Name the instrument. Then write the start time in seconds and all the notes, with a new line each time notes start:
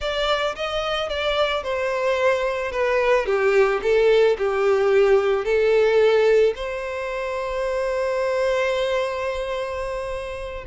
violin
0.00 D5
0.55 D#5
1.09 D5
1.63 C5
2.71 B4
3.26 G4
3.82 A4
4.38 G4
5.44 A4
6.55 C5